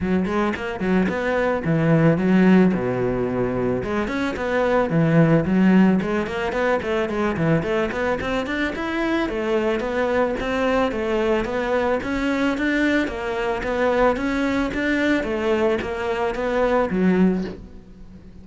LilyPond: \new Staff \with { instrumentName = "cello" } { \time 4/4 \tempo 4 = 110 fis8 gis8 ais8 fis8 b4 e4 | fis4 b,2 gis8 cis'8 | b4 e4 fis4 gis8 ais8 | b8 a8 gis8 e8 a8 b8 c'8 d'8 |
e'4 a4 b4 c'4 | a4 b4 cis'4 d'4 | ais4 b4 cis'4 d'4 | a4 ais4 b4 fis4 | }